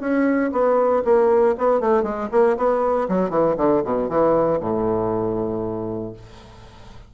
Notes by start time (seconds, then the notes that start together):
0.00 C#4
0.52 B3
1.05 A#3
1.58 B3
1.80 A3
2.03 G#3
2.31 A#3
2.57 B3
3.09 F#3
3.30 E3
3.57 D3
3.84 B2
4.09 E3
4.60 A2